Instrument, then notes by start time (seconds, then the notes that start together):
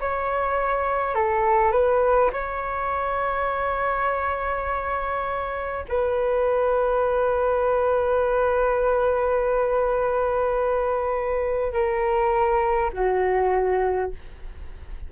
flute
0.00 C#5
1.15 A4
1.72 B4
2.33 C#5
5.89 B4
11.73 A#4
12.93 F#4